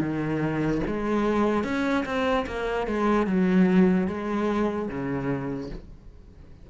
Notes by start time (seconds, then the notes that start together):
0.00 D#3
0.87 G#3
1.64 C#4
2.05 C4
2.46 A#3
2.87 G#3
3.26 F#3
4.07 G#3
4.89 C#3